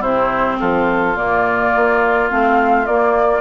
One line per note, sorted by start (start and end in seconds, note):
0.00 0.57 C3
0.00 1.15 C4
0.00 0.57 E4
0.00 0.59 C5
0.60 1.16 F3
0.60 3.41 F4
0.60 1.16 A4
1.15 1.72 A#2
1.15 2.28 A#3
1.15 2.29 D5
1.75 2.30 A#3
2.29 2.87 A3
2.29 2.86 C4
2.29 2.86 F5
2.86 3.41 A#3
2.86 3.41 D5